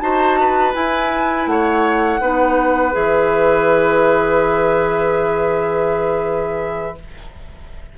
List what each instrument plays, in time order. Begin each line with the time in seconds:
0.00 bassoon D#4, clarinet F#4, oboe C5, flute A5
0.40 oboe B4
0.74 clarinet E4, bassoon E4, flute G#5
1.47 bassoon A3, oboe C#5, flute F#5
2.21 bassoon B3, clarinet D#4, oboe B4
2.92 bassoon E3, clarinet G#4, flute E5